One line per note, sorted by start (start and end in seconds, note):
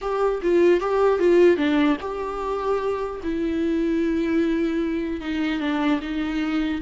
0.01 0.41 G4
0.42 0.80 F4
0.80 1.19 G4
1.19 1.57 F4
1.57 1.97 D4
2.01 3.21 G4
3.23 5.21 E4
5.21 5.60 D#4
5.60 6.00 D4
6.01 6.81 D#4